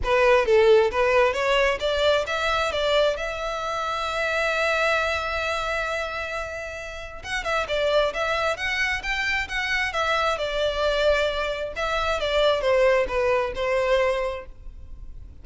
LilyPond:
\new Staff \with { instrumentName = "violin" } { \time 4/4 \tempo 4 = 133 b'4 a'4 b'4 cis''4 | d''4 e''4 d''4 e''4~ | e''1~ | e''1 |
fis''8 e''8 d''4 e''4 fis''4 | g''4 fis''4 e''4 d''4~ | d''2 e''4 d''4 | c''4 b'4 c''2 | }